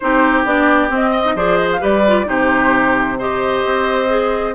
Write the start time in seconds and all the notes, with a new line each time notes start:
0.00 C4 D#4 G4 C5
0.45 B3 D4 D5
0.89 C4 D#5
1.11 D#5
1.24 D#4
1.35 F3 G#4 C5 D5
1.57 D#5
1.72 F5
1.79 G3 G4 B4 D5
2.07 F4
2.25 C3 D#4 G4 C5
3.18 G4 C5 D#5
3.64 C4
4.08 G#4